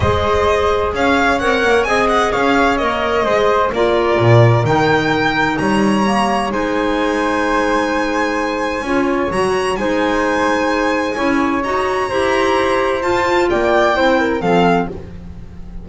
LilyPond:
<<
  \new Staff \with { instrumentName = "violin" } { \time 4/4 \tempo 4 = 129 dis''2 f''4 fis''4 | gis''8 fis''8 f''4 dis''2 | d''2 g''2 | ais''2 gis''2~ |
gis''1 | ais''4 gis''2.~ | gis''4 ais''2. | a''4 g''2 f''4 | }
  \new Staff \with { instrumentName = "flute" } { \time 4/4 c''2 cis''2 | dis''4 cis''2 c''4 | ais'1 | cis''2 c''2~ |
c''2. cis''4~ | cis''4 c''2. | cis''2 c''2~ | c''4 d''4 c''8 ais'8 a'4 | }
  \new Staff \with { instrumentName = "clarinet" } { \time 4/4 gis'2. ais'4 | gis'2 ais'4 gis'4 | f'2 dis'2~ | dis'4 ais4 dis'2~ |
dis'2. f'4 | fis'4 dis'2. | e'4 fis'4 g'2 | f'2 e'4 c'4 | }
  \new Staff \with { instrumentName = "double bass" } { \time 4/4 gis2 cis'4 c'8 ais8 | c'4 cis'4 ais4 gis4 | ais4 ais,4 dis2 | g2 gis2~ |
gis2. cis'4 | fis4 gis2. | cis'4 dis'4 e'2 | f'4 ais4 c'4 f4 | }
>>